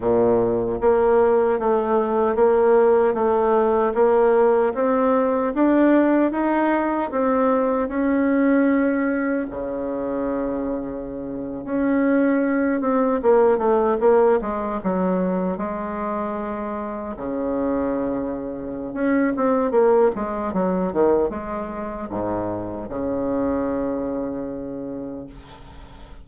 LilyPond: \new Staff \with { instrumentName = "bassoon" } { \time 4/4 \tempo 4 = 76 ais,4 ais4 a4 ais4 | a4 ais4 c'4 d'4 | dis'4 c'4 cis'2 | cis2~ cis8. cis'4~ cis'16~ |
cis'16 c'8 ais8 a8 ais8 gis8 fis4 gis16~ | gis4.~ gis16 cis2~ cis16 | cis'8 c'8 ais8 gis8 fis8 dis8 gis4 | gis,4 cis2. | }